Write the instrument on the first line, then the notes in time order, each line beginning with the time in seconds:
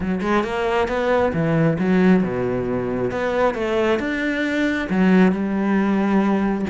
cello
0.00 F#3
0.21 G#3
0.43 A#3
0.88 B3
1.33 E3
1.78 F#3
2.23 B2
3.11 B3
3.54 A3
3.99 D4
4.89 F#3
5.32 G3